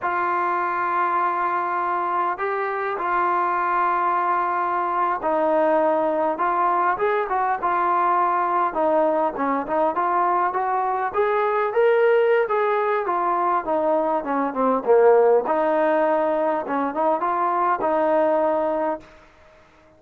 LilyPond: \new Staff \with { instrumentName = "trombone" } { \time 4/4 \tempo 4 = 101 f'1 | g'4 f'2.~ | f'8. dis'2 f'4 gis'16~ | gis'16 fis'8 f'2 dis'4 cis'16~ |
cis'16 dis'8 f'4 fis'4 gis'4 ais'16~ | ais'4 gis'4 f'4 dis'4 | cis'8 c'8 ais4 dis'2 | cis'8 dis'8 f'4 dis'2 | }